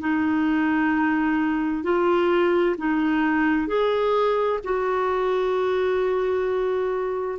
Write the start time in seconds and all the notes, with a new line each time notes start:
0.00 D#4
1.83 F4
2.78 D#4
3.67 G#4
4.64 F#4